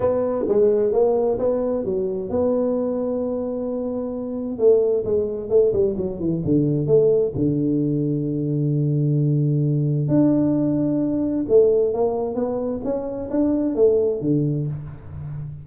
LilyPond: \new Staff \with { instrumentName = "tuba" } { \time 4/4 \tempo 4 = 131 b4 gis4 ais4 b4 | fis4 b2.~ | b2 a4 gis4 | a8 g8 fis8 e8 d4 a4 |
d1~ | d2 d'2~ | d'4 a4 ais4 b4 | cis'4 d'4 a4 d4 | }